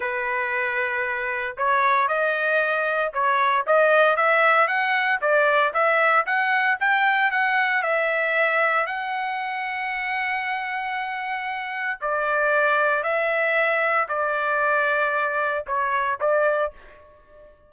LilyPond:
\new Staff \with { instrumentName = "trumpet" } { \time 4/4 \tempo 4 = 115 b'2. cis''4 | dis''2 cis''4 dis''4 | e''4 fis''4 d''4 e''4 | fis''4 g''4 fis''4 e''4~ |
e''4 fis''2.~ | fis''2. d''4~ | d''4 e''2 d''4~ | d''2 cis''4 d''4 | }